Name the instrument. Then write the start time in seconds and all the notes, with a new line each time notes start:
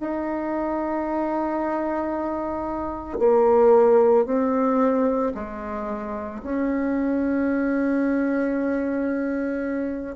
bassoon
0.00 D#4
3.19 A#3
4.26 C4
5.35 G#3
6.43 C#4